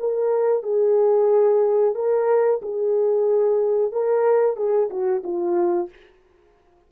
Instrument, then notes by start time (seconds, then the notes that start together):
horn
0.00 A#4
0.63 G#4
1.95 A#4
2.63 G#4
3.93 A#4
4.57 G#4
4.90 F#4
5.24 F4